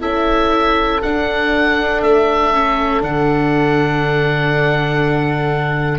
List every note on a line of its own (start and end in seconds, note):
0.00 1.02 C#4
0.00 1.00 E4
0.00 5.99 A4
0.00 1.01 E5
1.02 2.02 D4
1.02 2.53 D4
1.02 2.02 F#5
2.02 3.01 A3
2.02 3.02 E5
2.53 3.00 C#4
3.00 5.99 D3
3.00 5.99 D4
3.00 5.99 F#5